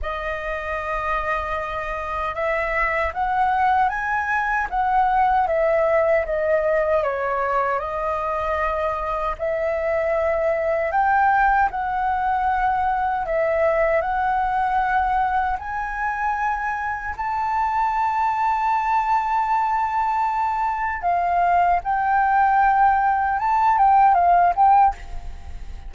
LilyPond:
\new Staff \with { instrumentName = "flute" } { \time 4/4 \tempo 4 = 77 dis''2. e''4 | fis''4 gis''4 fis''4 e''4 | dis''4 cis''4 dis''2 | e''2 g''4 fis''4~ |
fis''4 e''4 fis''2 | gis''2 a''2~ | a''2. f''4 | g''2 a''8 g''8 f''8 g''8 | }